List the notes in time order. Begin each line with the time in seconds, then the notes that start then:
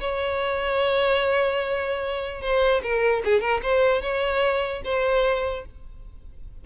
0.00 C#5
2.41 C5
2.82 A#4
3.24 G#4
3.40 A#4
3.62 C5
4.01 C#5
4.84 C5